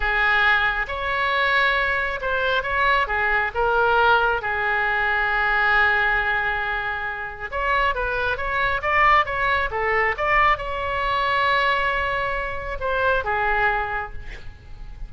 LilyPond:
\new Staff \with { instrumentName = "oboe" } { \time 4/4 \tempo 4 = 136 gis'2 cis''2~ | cis''4 c''4 cis''4 gis'4 | ais'2 gis'2~ | gis'1~ |
gis'4 cis''4 b'4 cis''4 | d''4 cis''4 a'4 d''4 | cis''1~ | cis''4 c''4 gis'2 | }